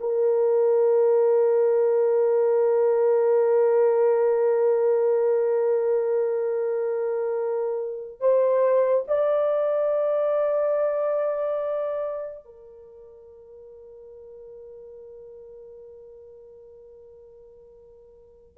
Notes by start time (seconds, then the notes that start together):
0.00 A#4
8.20 C5
9.08 D5
12.45 A#4